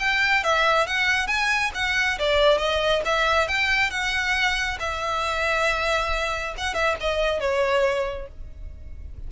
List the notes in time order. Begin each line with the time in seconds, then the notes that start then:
0.00 G5
0.44 E5
0.87 F#5
1.28 G#5
1.75 F#5
2.19 D5
2.58 D#5
3.06 E5
3.48 G5
3.91 F#5
4.80 E5
6.58 F#5
6.74 E5
7.01 D#5
7.40 C#5